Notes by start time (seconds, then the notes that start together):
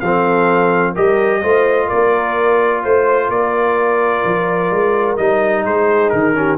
0.00 F3 C4 A4 F5
0.93 G3 G4 A#4 D#5
1.42 A3 F4 C5
1.86 A#4 D5
1.93 A#3
2.82 A3 C5
3.29 A#3 A#4 D5
4.25 F3
4.71 G#3
5.17 G3 D#4 D#5
5.65 G#3 G#4 C5
6.09 D#3 A#4
6.34 C#4 G4